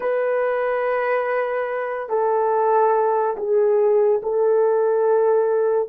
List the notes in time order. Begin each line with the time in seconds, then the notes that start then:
0.00 B4
2.09 A4
3.36 G#4
4.23 A4